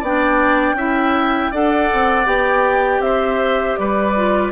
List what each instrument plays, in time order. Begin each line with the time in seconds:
0.00 bassoon B3, clarinet D4, oboe D5, flute G5
0.72 bassoon C#4, clarinet E4, oboe E5
1.51 bassoon D4, clarinet A4, oboe D5, flute F#5
1.93 bassoon C4
2.25 bassoon B3, clarinet G4, flute G5
2.99 bassoon C4, oboe C5, flute E5
3.76 bassoon G3, oboe B4, flute D5
4.15 clarinet F4